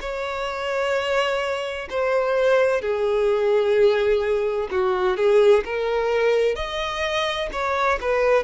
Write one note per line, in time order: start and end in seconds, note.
0.00 1.87 C#5
1.89 2.81 C5
2.81 4.68 G#4
4.70 5.16 F#4
5.16 5.63 G#4
5.64 6.55 A#4
6.55 7.49 D#5
7.52 7.99 C#5
8.01 8.43 B4